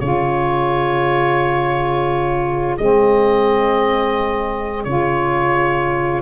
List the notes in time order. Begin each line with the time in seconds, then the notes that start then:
0.00 C#3 F4 G#4 C#5
2.78 G#3 C4 D#5
4.84 C#3 F4 C#5